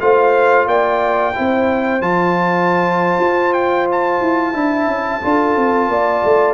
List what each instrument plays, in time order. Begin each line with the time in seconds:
0.00 tuba A3, trombone F4, horn C5, trumpet F5
0.67 tuba A#3, horn D5, trumpet G5
1.34 tuba C4, trombone E4, horn C5
2.00 tuba F3, trombone F4, trumpet A5
3.19 tuba F4
3.53 trumpet G5
3.92 trumpet A5
4.21 tuba E4
4.53 tuba D4, trombone E4, horn E5
4.87 tuba C#4
5.21 tuba D4, trombone F4, horn A4
5.56 tuba C4
5.88 tuba A#3, horn D5
6.24 tuba A3